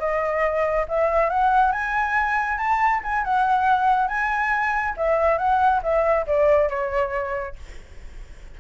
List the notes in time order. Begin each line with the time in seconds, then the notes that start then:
0.00 D#5
0.89 E5
1.30 F#5
1.73 G#5
2.59 A5
3.04 G#5
3.25 F#5
4.08 G#5
4.97 E5
5.39 F#5
5.84 E5
6.27 D5
6.70 C#5